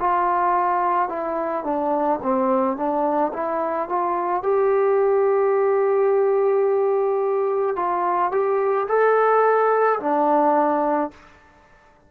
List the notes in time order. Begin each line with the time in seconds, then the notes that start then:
0.00 F4
1.09 E4
1.64 D4
2.23 C4
2.77 D4
3.33 E4
3.89 F4
4.43 G4
7.76 F4
8.32 G4
8.88 A4
9.99 D4